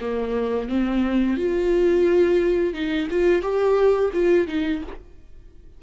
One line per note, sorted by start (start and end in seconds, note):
0.00 0.69 A#3
0.69 1.36 C4
1.36 2.73 F4
2.73 3.08 D#4
3.10 3.41 F4
3.41 4.10 G4
4.13 4.47 F4
4.47 4.82 D#4